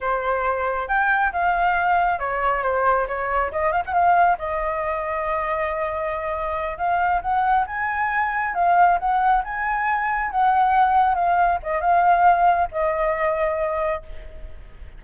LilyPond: \new Staff \with { instrumentName = "flute" } { \time 4/4 \tempo 4 = 137 c''2 g''4 f''4~ | f''4 cis''4 c''4 cis''4 | dis''8 f''16 fis''16 f''4 dis''2~ | dis''2.~ dis''8 f''8~ |
f''8 fis''4 gis''2 f''8~ | f''8 fis''4 gis''2 fis''8~ | fis''4. f''4 dis''8 f''4~ | f''4 dis''2. | }